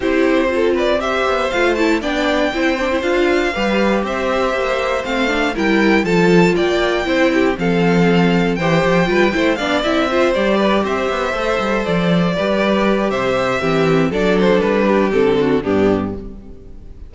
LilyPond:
<<
  \new Staff \with { instrumentName = "violin" } { \time 4/4 \tempo 4 = 119 c''4. d''8 e''4 f''8 a''8 | g''2 f''2 | e''2 f''4 g''4 | a''4 g''2 f''4~ |
f''4 g''2 f''8 e''8~ | e''8 d''4 e''2 d''8~ | d''2 e''2 | d''8 c''8 b'4 a'4 g'4 | }
  \new Staff \with { instrumentName = "violin" } { \time 4/4 g'4 a'8 b'8 c''2 | d''4 c''2 b'4 | c''2. ais'4 | a'4 d''4 c''8 g'8 a'4~ |
a'4 c''4 b'8 c''8 d''4 | c''4 b'8 c''2~ c''8~ | c''8 b'4. c''4 g'4 | a'4. g'4 fis'8 d'4 | }
  \new Staff \with { instrumentName = "viola" } { \time 4/4 e'4 f'4 g'4 f'8 e'8 | d'4 e'8 d'16 e'16 f'4 g'4~ | g'2 c'8 d'8 e'4 | f'2 e'4 c'4~ |
c'4 g'4 f'8 e'8 d'8 e'8 | f'8 g'2 a'4.~ | a'8 g'2~ g'8 c'4 | d'2 c'4 b4 | }
  \new Staff \with { instrumentName = "cello" } { \time 4/4 c'2~ c'8 b8 a4 | b4 c'4 d'4 g4 | c'4 ais4 a4 g4 | f4 ais4 c'4 f4~ |
f4 e8 f8 g8 a8 b8 c'8~ | c'8 g4 c'8 b8 a8 g8 f8~ | f8 g4. c4 e4 | fis4 g4 d4 g,4 | }
>>